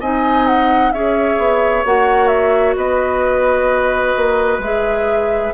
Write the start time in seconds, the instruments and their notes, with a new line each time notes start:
0.00 bassoon C4, clarinet D#4, oboe D#5, flute G#5
0.47 flute F#5
0.92 bassoon C#4, clarinet G#4, oboe C#5, flute E5
1.38 bassoon B3
1.85 bassoon A#3, clarinet F#4, flute F#5
2.28 flute E5
2.76 bassoon B3, oboe B4, flute D#5
4.16 bassoon A#3
4.58 bassoon G#3, clarinet G#4, flute E5